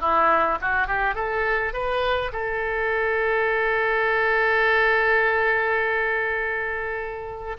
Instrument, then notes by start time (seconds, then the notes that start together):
oboe
0.00 E4
0.61 F#4
0.87 G4
1.15 A4
1.73 B4
2.32 A4